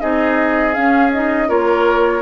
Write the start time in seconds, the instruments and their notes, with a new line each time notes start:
0.00 bassoon C4, clarinet D#4, oboe G#4, flute D#5
0.74 clarinet C#4, bassoon C#4, flute F5
1.13 clarinet D#4, flute D#5
1.48 bassoon A#3, clarinet F4, oboe A#4, flute C#5